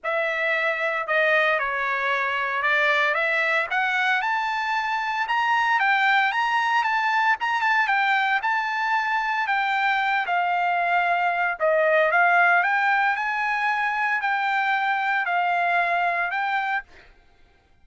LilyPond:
\new Staff \with { instrumentName = "trumpet" } { \time 4/4 \tempo 4 = 114 e''2 dis''4 cis''4~ | cis''4 d''4 e''4 fis''4 | a''2 ais''4 g''4 | ais''4 a''4 ais''8 a''8 g''4 |
a''2 g''4. f''8~ | f''2 dis''4 f''4 | g''4 gis''2 g''4~ | g''4 f''2 g''4 | }